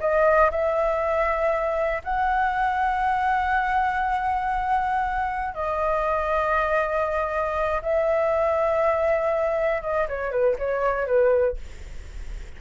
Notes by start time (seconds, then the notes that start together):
0.00 D#5
0.51 E5
2.04 F#5
5.55 D#5
7.82 E5
9.82 D#5
10.08 C#5
10.31 B4
10.58 C#5
11.06 B4